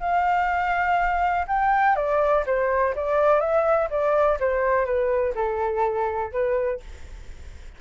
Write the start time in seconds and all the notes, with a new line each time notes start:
0.00 F5
1.47 G5
1.96 D5
2.46 C5
2.95 D5
3.40 E5
3.90 D5
4.39 C5
4.85 B4
5.34 A4
6.31 B4